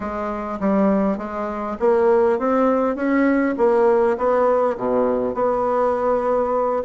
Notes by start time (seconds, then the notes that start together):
0.00 G#3
0.59 G3
1.17 G#3
1.79 A#3
2.38 C4
2.95 C#4
3.57 A#3
4.17 B3
4.77 B2
5.34 B3